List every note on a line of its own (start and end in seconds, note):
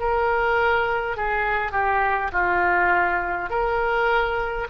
0.00 1.17 A#4
1.17 1.72 G#4
1.72 2.31 G4
2.33 3.50 F4
3.50 4.68 A#4